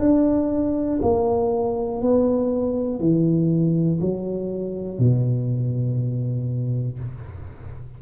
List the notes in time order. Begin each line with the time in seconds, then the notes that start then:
0.00 D4
1.01 A#3
2.01 B3
2.99 E3
4.00 F#3
4.99 B2